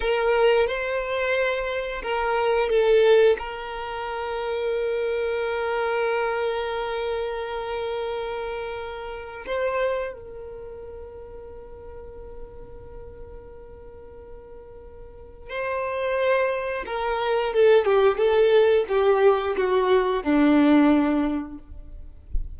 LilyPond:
\new Staff \with { instrumentName = "violin" } { \time 4/4 \tempo 4 = 89 ais'4 c''2 ais'4 | a'4 ais'2.~ | ais'1~ | ais'2 c''4 ais'4~ |
ais'1~ | ais'2. c''4~ | c''4 ais'4 a'8 g'8 a'4 | g'4 fis'4 d'2 | }